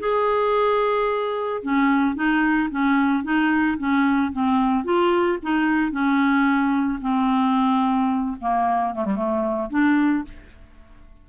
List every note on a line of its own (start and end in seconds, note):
0.00 1.62 G#4
1.63 2.15 C#4
2.15 2.70 D#4
2.71 3.24 C#4
3.24 3.78 D#4
3.78 4.32 C#4
4.33 4.85 C4
4.85 5.39 F4
5.43 5.92 D#4
5.92 7.00 C#4
7.02 8.37 C4
8.41 8.95 A#3
8.95 9.05 A3
9.05 9.16 G3
9.16 9.70 A3
9.71 10.25 D4